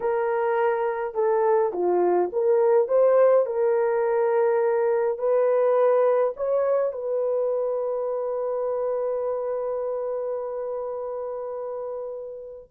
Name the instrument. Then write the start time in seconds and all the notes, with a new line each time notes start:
horn
0.00 A#4
1.14 A4
1.72 F4
2.32 A#4
2.88 C5
3.46 A#4
5.18 B4
6.36 C#5
6.92 B4